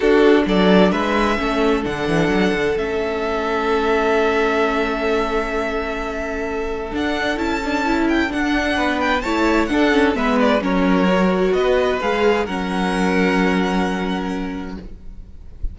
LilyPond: <<
  \new Staff \with { instrumentName = "violin" } { \time 4/4 \tempo 4 = 130 a'4 d''4 e''2 | fis''2 e''2~ | e''1~ | e''2. fis''4 |
a''4. g''8 fis''4. g''8 | a''4 fis''4 e''8 d''8 cis''4~ | cis''4 dis''4 f''4 fis''4~ | fis''1 | }
  \new Staff \with { instrumentName = "violin" } { \time 4/4 fis'4 a'4 b'4 a'4~ | a'1~ | a'1~ | a'1~ |
a'2. b'4 | cis''4 a'4 b'4 ais'4~ | ais'4 b'2 ais'4~ | ais'1 | }
  \new Staff \with { instrumentName = "viola" } { \time 4/4 d'2. cis'4 | d'2 cis'2~ | cis'1~ | cis'2. d'4 |
e'8 d'8 e'4 d'2 | e'4 d'8 cis'8 b4 cis'4 | fis'2 gis'4 cis'4~ | cis'1 | }
  \new Staff \with { instrumentName = "cello" } { \time 4/4 d'4 fis4 gis4 a4 | d8 e8 fis8 d8 a2~ | a1~ | a2. d'4 |
cis'2 d'4 b4 | a4 d'4 gis4 fis4~ | fis4 b4 gis4 fis4~ | fis1 | }
>>